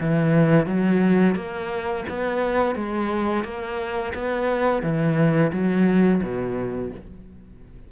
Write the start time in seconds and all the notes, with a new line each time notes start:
0.00 E3
0.66 F#3
1.35 A#3
2.09 B3
2.75 G#3
3.44 A#3
4.14 B3
4.82 E3
5.52 F#3
6.22 B2